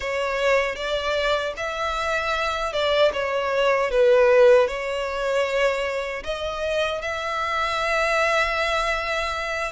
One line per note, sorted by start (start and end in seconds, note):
0.00 0.75 C#5
0.75 1.53 D5
1.56 2.72 E5
2.72 3.11 D5
3.13 3.90 C#5
3.90 4.67 B4
4.67 6.23 C#5
6.23 7.01 D#5
7.01 9.72 E5